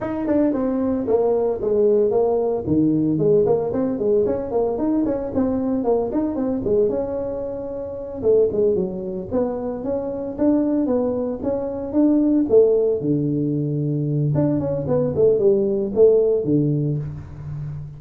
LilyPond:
\new Staff \with { instrumentName = "tuba" } { \time 4/4 \tempo 4 = 113 dis'8 d'8 c'4 ais4 gis4 | ais4 dis4 gis8 ais8 c'8 gis8 | cis'8 ais8 dis'8 cis'8 c'4 ais8 dis'8 | c'8 gis8 cis'2~ cis'8 a8 |
gis8 fis4 b4 cis'4 d'8~ | d'8 b4 cis'4 d'4 a8~ | a8 d2~ d8 d'8 cis'8 | b8 a8 g4 a4 d4 | }